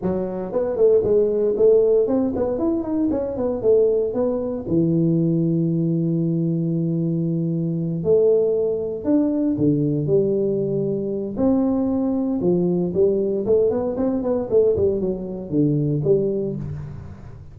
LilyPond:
\new Staff \with { instrumentName = "tuba" } { \time 4/4 \tempo 4 = 116 fis4 b8 a8 gis4 a4 | c'8 b8 e'8 dis'8 cis'8 b8 a4 | b4 e2.~ | e2.~ e8 a8~ |
a4. d'4 d4 g8~ | g2 c'2 | f4 g4 a8 b8 c'8 b8 | a8 g8 fis4 d4 g4 | }